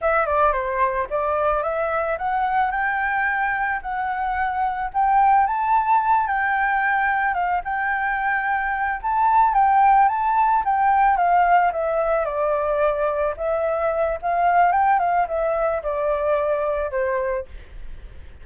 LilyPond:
\new Staff \with { instrumentName = "flute" } { \time 4/4 \tempo 4 = 110 e''8 d''8 c''4 d''4 e''4 | fis''4 g''2 fis''4~ | fis''4 g''4 a''4. g''8~ | g''4. f''8 g''2~ |
g''8 a''4 g''4 a''4 g''8~ | g''8 f''4 e''4 d''4.~ | d''8 e''4. f''4 g''8 f''8 | e''4 d''2 c''4 | }